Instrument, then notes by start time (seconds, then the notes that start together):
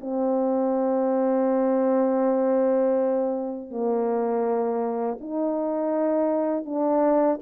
horn
0.00 C4
3.70 A#3
5.20 D#4
6.65 D4